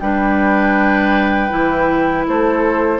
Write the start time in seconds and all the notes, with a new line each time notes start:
0.00 G3 D4 B4 G5
1.49 E3 E4
2.27 A3 A4 C5